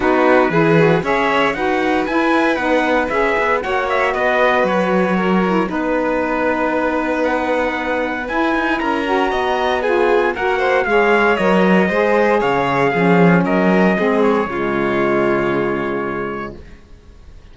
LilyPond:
<<
  \new Staff \with { instrumentName = "trumpet" } { \time 4/4 \tempo 4 = 116 b'2 e''4 fis''4 | gis''4 fis''4 e''4 fis''8 e''8 | dis''4 cis''2 b'4~ | b'2 fis''2 |
gis''4 ais''2 gis''4 | fis''4 f''4 dis''2 | f''2 dis''4. cis''8~ | cis''1 | }
  \new Staff \with { instrumentName = "violin" } { \time 4/4 fis'4 gis'4 cis''4 b'4~ | b'2. cis''4 | b'2 ais'4 b'4~ | b'1~ |
b'4 ais'4 dis''4 gis'4 | ais'8 c''8 cis''2 c''4 | cis''4 gis'4 ais'4 gis'4 | f'1 | }
  \new Staff \with { instrumentName = "saxophone" } { \time 4/4 dis'4 e'8 fis'8 gis'4 fis'4 | e'4 dis'4 gis'4 fis'4~ | fis'2~ fis'8 e'8 dis'4~ | dis'1 |
e'4. fis'4. f'4 | fis'4 gis'4 ais'4 gis'4~ | gis'4 cis'2 c'4 | gis1 | }
  \new Staff \with { instrumentName = "cello" } { \time 4/4 b4 e4 cis'4 dis'4 | e'4 b4 cis'8 b8 ais4 | b4 fis2 b4~ | b1 |
e'8 dis'8 cis'4 b2 | ais4 gis4 fis4 gis4 | cis4 f4 fis4 gis4 | cis1 | }
>>